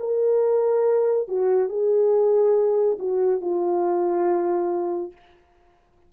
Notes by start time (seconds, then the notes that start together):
0.00 A#4
1.29 F#4
1.69 G#4
2.99 F#4
3.41 F4